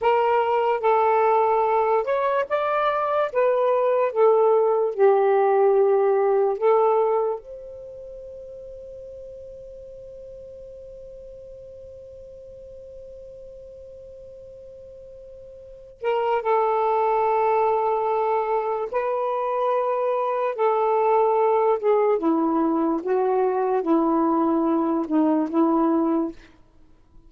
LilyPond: \new Staff \with { instrumentName = "saxophone" } { \time 4/4 \tempo 4 = 73 ais'4 a'4. cis''8 d''4 | b'4 a'4 g'2 | a'4 c''2.~ | c''1~ |
c''2.~ c''8 ais'8 | a'2. b'4~ | b'4 a'4. gis'8 e'4 | fis'4 e'4. dis'8 e'4 | }